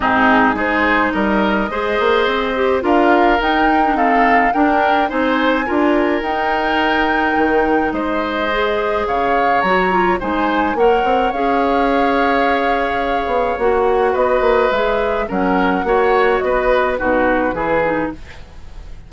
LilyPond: <<
  \new Staff \with { instrumentName = "flute" } { \time 4/4 \tempo 4 = 106 gis'4 c''4 dis''2~ | dis''4 f''4 g''4 f''4 | g''4 gis''2 g''4~ | g''2 dis''2 |
f''4 ais''4 gis''4 fis''4 | f''1 | fis''4 dis''4 e''4 fis''4~ | fis''4 dis''4 b'2 | }
  \new Staff \with { instrumentName = "oboe" } { \time 4/4 dis'4 gis'4 ais'4 c''4~ | c''4 ais'2 a'4 | ais'4 c''4 ais'2~ | ais'2 c''2 |
cis''2 c''4 cis''4~ | cis''1~ | cis''4 b'2 ais'4 | cis''4 b'4 fis'4 gis'4 | }
  \new Staff \with { instrumentName = "clarinet" } { \time 4/4 c'4 dis'2 gis'4~ | gis'8 g'8 f'4 dis'8. d'16 c'4 | d'4 dis'4 f'4 dis'4~ | dis'2. gis'4~ |
gis'4 fis'8 f'8 dis'4 ais'4 | gis'1 | fis'2 gis'4 cis'4 | fis'2 dis'4 e'8 dis'8 | }
  \new Staff \with { instrumentName = "bassoon" } { \time 4/4 gis,4 gis4 g4 gis8 ais8 | c'4 d'4 dis'2 | d'4 c'4 d'4 dis'4~ | dis'4 dis4 gis2 |
cis4 fis4 gis4 ais8 c'8 | cis'2.~ cis'8 b8 | ais4 b8 ais8 gis4 fis4 | ais4 b4 b,4 e4 | }
>>